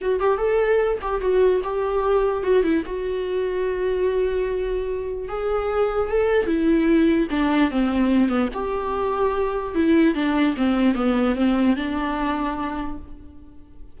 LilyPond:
\new Staff \with { instrumentName = "viola" } { \time 4/4 \tempo 4 = 148 fis'8 g'8 a'4. g'8 fis'4 | g'2 fis'8 e'8 fis'4~ | fis'1~ | fis'4 gis'2 a'4 |
e'2 d'4 c'4~ | c'8 b8 g'2. | e'4 d'4 c'4 b4 | c'4 d'2. | }